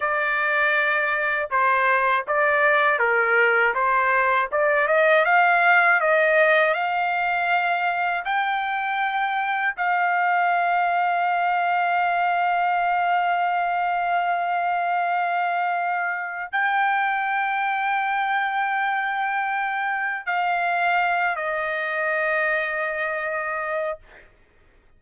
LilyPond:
\new Staff \with { instrumentName = "trumpet" } { \time 4/4 \tempo 4 = 80 d''2 c''4 d''4 | ais'4 c''4 d''8 dis''8 f''4 | dis''4 f''2 g''4~ | g''4 f''2.~ |
f''1~ | f''2 g''2~ | g''2. f''4~ | f''8 dis''2.~ dis''8 | }